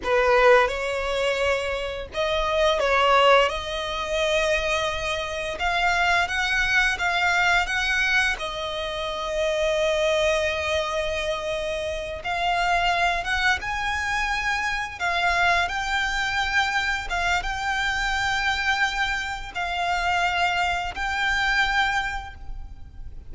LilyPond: \new Staff \with { instrumentName = "violin" } { \time 4/4 \tempo 4 = 86 b'4 cis''2 dis''4 | cis''4 dis''2. | f''4 fis''4 f''4 fis''4 | dis''1~ |
dis''4. f''4. fis''8 gis''8~ | gis''4. f''4 g''4.~ | g''8 f''8 g''2. | f''2 g''2 | }